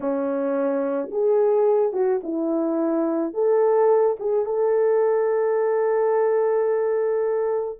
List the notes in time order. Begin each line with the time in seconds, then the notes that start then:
0.00 C#4
1.11 G#4
1.92 F#4
2.23 E4
3.33 A4
4.19 G#4
4.45 A4